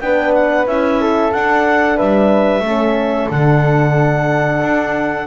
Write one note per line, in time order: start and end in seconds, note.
0.00 0.67 B3
0.00 0.67 D4
0.00 1.01 B4
0.00 0.33 G5
0.33 0.66 F#5
0.67 1.33 C#4
0.67 1.33 E4
0.67 1.33 E5
1.01 1.97 A4
1.33 1.99 D4
1.33 2.64 D4
1.33 1.98 F#5
1.97 2.60 G3
1.97 2.63 B4
1.97 3.30 E5
2.60 3.26 A3
2.60 3.30 C#4
2.66 5.27 A4
3.30 4.62 D3
3.30 5.27 D4
3.30 5.27 F#5
4.62 5.27 D4